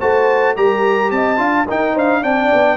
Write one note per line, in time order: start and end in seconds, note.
0.00 0.57 A3
0.00 0.56 F#4
0.00 0.56 C5
0.00 0.56 A5
0.57 1.12 G3
0.57 1.37 G4
0.57 1.13 A#4
0.57 1.11 A#5
1.11 1.38 C4
1.11 1.40 D#5
1.11 1.67 A5
1.37 1.66 D4
1.37 1.65 F4
1.37 1.68 F5
1.69 2.23 D#4
1.69 1.96 D#4
1.69 1.93 A#4
1.69 1.98 G5
1.93 2.24 D4
1.93 2.21 C5
1.93 2.24 F5
2.21 2.52 C4
2.21 2.77 D4
2.21 2.77 D5
2.21 2.77 G5
2.53 2.77 B3